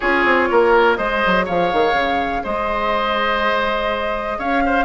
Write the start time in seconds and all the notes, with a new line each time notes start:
0.00 C#4 F4 G#4 C#5
0.25 C4
0.50 A#3 A#4
0.95 G#3 G#4 C5 D#5
1.25 F#3
1.45 F3 C#5 F5
1.72 D#3
1.93 C#3
2.43 G#3 C5 D#5
4.38 C#4 C#5 F5
4.65 C5